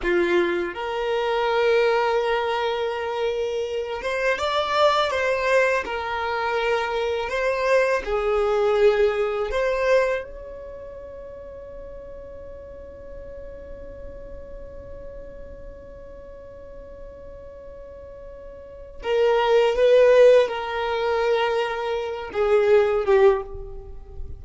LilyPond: \new Staff \with { instrumentName = "violin" } { \time 4/4 \tempo 4 = 82 f'4 ais'2.~ | ais'4. c''8 d''4 c''4 | ais'2 c''4 gis'4~ | gis'4 c''4 cis''2~ |
cis''1~ | cis''1~ | cis''2 ais'4 b'4 | ais'2~ ais'8 gis'4 g'8 | }